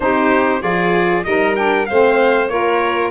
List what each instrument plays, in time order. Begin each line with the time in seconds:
0.00 tuba C4, saxophone D#4, violin G4, trumpet C5
0.60 tuba F3, saxophone F4, violin G#4, trumpet D5
1.24 tuba G3, saxophone D#4, violin A#4, trumpet D#5
1.55 saxophone D4, trumpet G5
1.86 tuba A3, saxophone C4, violin C5, trumpet F5
2.48 tuba A#3, saxophone F4, violin A#4, trumpet C#5